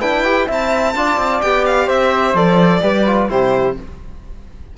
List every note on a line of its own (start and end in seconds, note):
0.00 0.24 D4
0.00 0.48 E4
0.00 0.46 B4
0.00 0.48 G5
0.24 0.48 G4
0.46 0.96 C4
0.46 0.95 E4
0.46 0.93 E5
0.53 1.42 A5
0.96 1.18 D4
0.96 1.43 F4
0.96 1.87 D5
1.18 1.41 C4
1.42 1.89 B3
1.42 2.35 G4
1.42 1.65 G5
1.66 1.89 F5
1.87 2.34 C4
1.87 2.81 C5
1.87 2.36 E5
2.34 2.81 F3
2.34 2.82 A4
2.34 3.30 D5
2.82 3.30 G3
2.82 3.05 G4
2.82 3.30 B4
3.07 3.29 F4
3.29 3.78 C3
3.29 3.76 E4
3.29 3.77 G4
3.29 3.77 C5